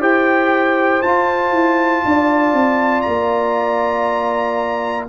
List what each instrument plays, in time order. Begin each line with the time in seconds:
0.00 tuba E4, trombone G4, horn C5, trumpet G5
1.02 tuba F4, trombone F4, trumpet A5
1.51 tuba E4
2.05 tuba D4, horn D5
2.53 tuba C4
3.01 tuba A#3, trumpet A#5